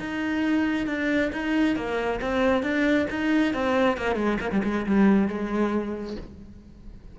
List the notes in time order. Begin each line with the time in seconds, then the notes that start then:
0.00 D#4
0.87 D4
1.33 D#4
1.76 A#3
2.22 C4
2.63 D4
3.10 D#4
3.54 C4
3.98 A#3
4.16 G#3
4.41 A#3
4.52 G3
4.64 G#3
4.87 G3
5.28 G#3